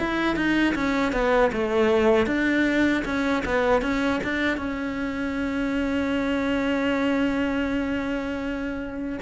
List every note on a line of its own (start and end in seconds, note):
0.00 0.36 E4
0.36 0.75 D#4
0.75 1.13 C#4
1.13 1.51 B3
1.53 2.27 A3
2.27 3.04 D4
3.05 3.44 C#4
3.46 3.82 B3
3.82 4.21 C#4
4.24 4.58 D4
4.58 9.19 C#4